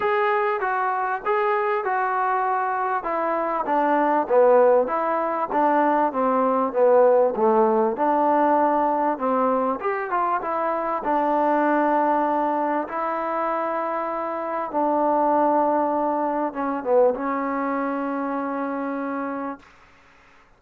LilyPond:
\new Staff \with { instrumentName = "trombone" } { \time 4/4 \tempo 4 = 98 gis'4 fis'4 gis'4 fis'4~ | fis'4 e'4 d'4 b4 | e'4 d'4 c'4 b4 | a4 d'2 c'4 |
g'8 f'8 e'4 d'2~ | d'4 e'2. | d'2. cis'8 b8 | cis'1 | }